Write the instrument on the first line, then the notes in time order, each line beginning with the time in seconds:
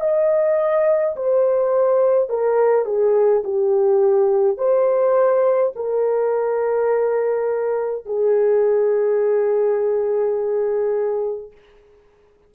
horn
0.00 D#5
1.16 C5
2.30 A#4
2.85 G#4
3.44 G4
4.58 C5
5.76 A#4
8.06 G#4